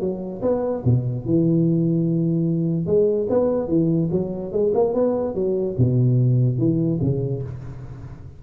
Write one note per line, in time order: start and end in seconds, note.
0.00 0.41 F#3
0.41 0.83 B3
0.84 1.25 B2
1.25 2.86 E3
2.86 3.27 G#3
3.29 3.68 B3
3.68 4.09 E3
4.11 4.52 F#3
4.52 4.72 G#3
4.74 4.94 A#3
4.94 5.34 B3
5.34 5.75 F#3
5.77 6.58 B2
6.58 6.99 E3
7.01 7.42 C#3